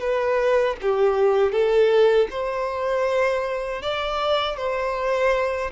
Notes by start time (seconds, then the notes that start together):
0.00 B4
0.82 G4
1.52 A4
2.31 C5
3.82 D5
4.57 C5